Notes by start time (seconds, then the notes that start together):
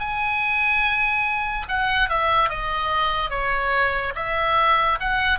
0.00 G#5
1.69 F#5
2.09 E5
2.49 D#5
3.30 C#5
4.16 E5
5.00 F#5